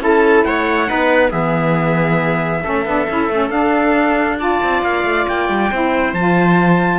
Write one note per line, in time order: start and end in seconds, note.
0.00 0.44 C#4
0.00 0.87 E4
0.00 0.47 A4
0.00 0.45 A5
0.45 0.90 A3
0.45 0.89 C#5
0.45 1.32 F#5
0.87 1.33 B3
0.87 1.31 D#4
0.87 1.30 B4
1.30 2.64 E3
1.30 2.62 B3
1.30 2.61 G#4
1.30 3.51 E5
2.64 2.86 A3
2.64 2.86 C#4
2.64 4.39 A4
2.86 3.08 B3
2.86 3.09 D4
3.09 3.30 C#4
3.09 3.31 E4
3.30 3.50 A3
3.30 3.51 C#4
3.50 4.59 D4
3.50 4.39 D4
3.50 4.38 F5
4.39 5.70 F4
4.39 5.71 D5
4.39 4.84 A5
4.64 4.82 C4
4.82 5.04 A#3
4.82 5.28 F5
5.04 5.26 A3
5.29 5.49 A#3
5.29 6.15 G5
5.49 5.71 G3
5.72 6.13 C4
5.72 6.16 E4
5.72 7.00 C5
6.13 7.00 F3
6.13 7.00 F4
6.13 7.00 A5